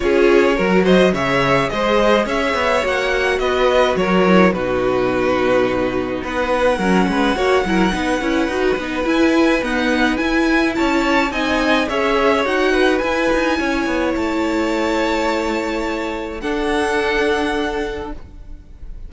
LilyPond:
<<
  \new Staff \with { instrumentName = "violin" } { \time 4/4 \tempo 4 = 106 cis''4. dis''8 e''4 dis''4 | e''4 fis''4 dis''4 cis''4 | b'2. fis''4~ | fis''1 |
gis''4 fis''4 gis''4 a''4 | gis''4 e''4 fis''4 gis''4~ | gis''4 a''2.~ | a''4 fis''2. | }
  \new Staff \with { instrumentName = "violin" } { \time 4/4 gis'4 ais'8 c''8 cis''4 c''4 | cis''2 b'4 ais'4 | fis'2. b'4 | ais'8 b'8 cis''8 ais'8 b'2~ |
b'2. cis''4 | dis''4 cis''4. b'4. | cis''1~ | cis''4 a'2. | }
  \new Staff \with { instrumentName = "viola" } { \time 4/4 f'4 fis'4 gis'2~ | gis'4 fis'2~ fis'8 e'8 | dis'1 | cis'4 fis'8 e'8 dis'8 e'8 fis'8 dis'8 |
e'4 b4 e'2 | dis'4 gis'4 fis'4 e'4~ | e'1~ | e'4 d'2. | }
  \new Staff \with { instrumentName = "cello" } { \time 4/4 cis'4 fis4 cis4 gis4 | cis'8 b8 ais4 b4 fis4 | b,2. b4 | fis8 gis8 ais8 fis8 b8 cis'8 dis'8 b8 |
e'4 dis'4 e'4 cis'4 | c'4 cis'4 dis'4 e'8 dis'8 | cis'8 b8 a2.~ | a4 d'2. | }
>>